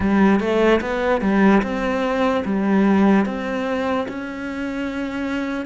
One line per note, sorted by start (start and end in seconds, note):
0.00 0.39 G3
0.39 0.80 A3
0.81 1.21 B3
1.21 1.61 G3
1.62 2.43 C4
2.45 3.25 G3
3.25 4.06 C4
4.08 5.65 C#4